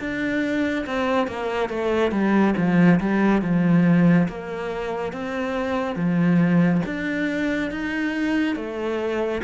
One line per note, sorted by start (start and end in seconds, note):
0.00 0.86 D4
0.86 1.27 C4
1.27 1.70 A#3
1.70 2.12 A3
2.12 2.55 G3
2.57 3.00 F3
3.00 3.42 G3
3.42 4.28 F3
4.29 5.13 A#3
5.13 5.96 C4
5.96 6.82 F3
6.86 7.71 D4
7.71 8.56 D#4
8.56 9.42 A3